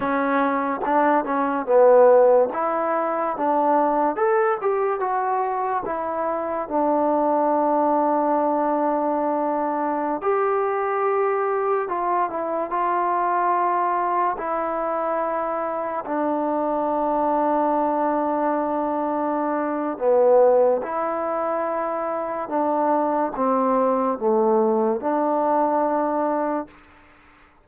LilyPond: \new Staff \with { instrumentName = "trombone" } { \time 4/4 \tempo 4 = 72 cis'4 d'8 cis'8 b4 e'4 | d'4 a'8 g'8 fis'4 e'4 | d'1~ | d'16 g'2 f'8 e'8 f'8.~ |
f'4~ f'16 e'2 d'8.~ | d'1 | b4 e'2 d'4 | c'4 a4 d'2 | }